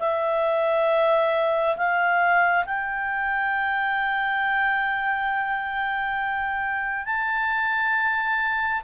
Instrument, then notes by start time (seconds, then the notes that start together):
clarinet
0.00 E5
1.77 F5
2.66 G5
7.06 A5